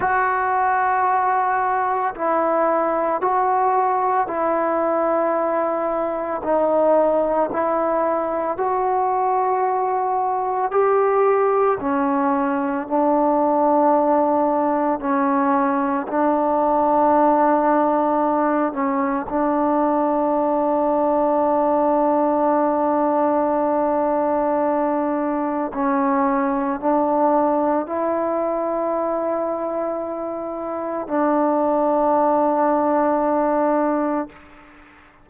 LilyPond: \new Staff \with { instrumentName = "trombone" } { \time 4/4 \tempo 4 = 56 fis'2 e'4 fis'4 | e'2 dis'4 e'4 | fis'2 g'4 cis'4 | d'2 cis'4 d'4~ |
d'4. cis'8 d'2~ | d'1 | cis'4 d'4 e'2~ | e'4 d'2. | }